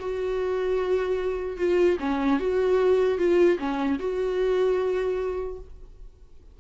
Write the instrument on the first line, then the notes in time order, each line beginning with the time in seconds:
viola
0.00 F#4
1.58 F4
2.00 C#4
2.40 F#4
3.19 F4
3.59 C#4
4.00 F#4